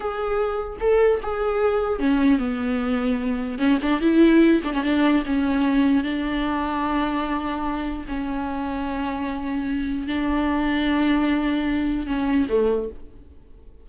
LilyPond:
\new Staff \with { instrumentName = "viola" } { \time 4/4 \tempo 4 = 149 gis'2 a'4 gis'4~ | gis'4 cis'4 b2~ | b4 cis'8 d'8 e'4. d'16 cis'16 | d'4 cis'2 d'4~ |
d'1 | cis'1~ | cis'4 d'2.~ | d'2 cis'4 a4 | }